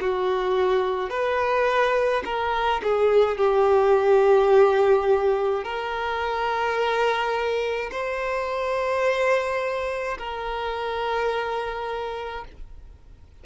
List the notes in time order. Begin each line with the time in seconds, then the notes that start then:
0.00 F#4
1.09 B4
2.25 A#4
2.83 G#4
3.37 G4
5.63 A#4
7.91 C5
10.18 A#4